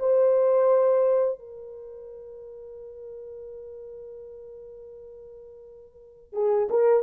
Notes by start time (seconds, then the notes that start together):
0.00 C5
1.39 A#4
6.33 G#4
6.70 A#4